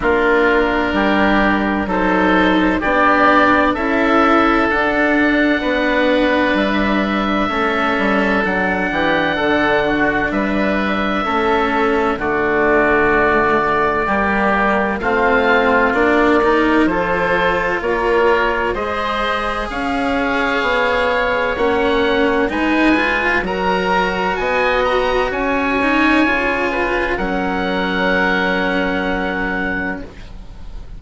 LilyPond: <<
  \new Staff \with { instrumentName = "oboe" } { \time 4/4 \tempo 4 = 64 ais'2 c''4 d''4 | e''4 fis''2 e''4~ | e''4 fis''2 e''4~ | e''4 d''2. |
f''4 d''4 c''4 cis''4 | dis''4 f''2 fis''4 | gis''4 ais''4 gis''8 ais''8 gis''4~ | gis''4 fis''2. | }
  \new Staff \with { instrumentName = "oboe" } { \time 4/4 f'4 g'4 a'4 g'4 | a'2 b'2 | a'4. g'8 a'8 fis'8 b'4 | a'4 fis'2 g'4 |
f'4. ais'8 a'4 ais'4 | c''4 cis''2. | b'4 ais'4 dis''4 cis''4~ | cis''8 b'8 ais'2. | }
  \new Staff \with { instrumentName = "cello" } { \time 4/4 d'2 dis'4 d'4 | e'4 d'2. | cis'4 d'2. | cis'4 a2 ais4 |
c'4 d'8 dis'8 f'2 | gis'2. cis'4 | dis'8 f'8 fis'2~ fis'8 dis'8 | f'4 cis'2. | }
  \new Staff \with { instrumentName = "bassoon" } { \time 4/4 ais4 g4 fis4 b4 | cis'4 d'4 b4 g4 | a8 g8 fis8 e8 d4 g4 | a4 d2 g4 |
a4 ais4 f4 ais4 | gis4 cis'4 b4 ais4 | gis4 fis4 b4 cis'4 | cis4 fis2. | }
>>